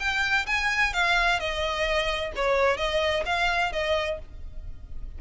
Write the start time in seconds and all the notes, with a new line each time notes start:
0.00 G5
0.47 G#5
0.94 F5
1.40 D#5
2.36 C#5
2.77 D#5
3.26 F5
3.73 D#5